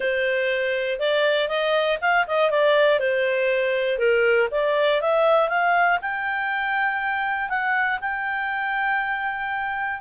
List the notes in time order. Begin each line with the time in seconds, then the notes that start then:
0.00 C5
0.99 D5
1.48 D#5
2.01 F5
2.27 D#5
2.50 D5
2.99 C5
3.98 A#4
4.51 D5
5.01 E5
5.49 F5
6.01 G5
7.49 F#5
8.00 G5